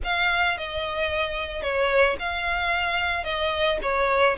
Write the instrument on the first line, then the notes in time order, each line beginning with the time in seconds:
violin
0.03 F5
0.57 D#5
1.62 C#5
2.19 F5
3.24 D#5
3.82 C#5